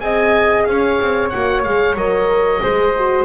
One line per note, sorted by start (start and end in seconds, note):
0.00 0.66 C4
0.00 1.32 G#4
0.00 0.68 D#5
0.00 0.64 G#5
0.64 0.99 C#4
0.64 2.62 C#5
0.64 1.29 F5
1.00 1.33 C4
1.29 1.64 A#3
1.29 1.65 F#4
1.29 1.62 F#5
1.63 1.95 G#3
1.63 1.97 G#4
1.63 1.96 F5
1.95 2.60 F#3
1.95 2.62 A#4
1.95 3.25 D#5
2.62 3.25 G#3
2.62 2.95 G#4
2.62 3.25 C5
2.96 3.25 F#4